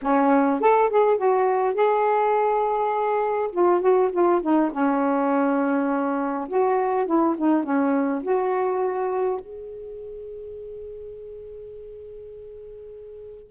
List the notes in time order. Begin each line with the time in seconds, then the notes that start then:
0.02 C#4
0.60 A4
0.89 G#4
1.17 F#4
1.74 G#4
3.51 F4
3.81 F#4
4.11 F4
4.41 D#4
4.71 C#4
6.48 F#4
7.06 E4
7.37 D#4
7.63 C#4
8.22 F#4
9.40 G#4